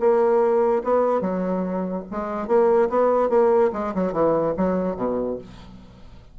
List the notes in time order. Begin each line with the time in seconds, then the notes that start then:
0.00 A#3
0.84 B3
1.21 F#3
2.11 G#3
2.48 A#3
2.90 B3
3.30 A#3
3.74 G#3
3.95 F#3
4.13 E3
4.57 F#3
4.97 B2